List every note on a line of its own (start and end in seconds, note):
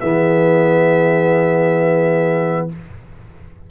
0.00 2.71 E3
0.00 2.69 B3
0.00 2.69 G#4
0.00 2.68 E5